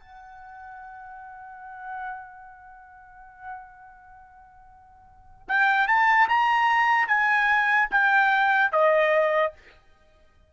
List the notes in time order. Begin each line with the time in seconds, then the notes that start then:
0.00 F#5
5.48 G5
5.88 A5
6.29 A#5
7.08 G#5
7.91 G5
8.72 D#5